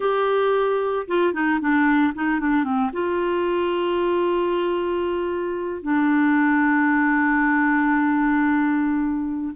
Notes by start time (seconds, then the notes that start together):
0.00 G4
1.07 F4
1.33 D#4
1.60 D4
2.14 D#4
2.40 D4
2.64 C4
2.93 F4
5.82 D4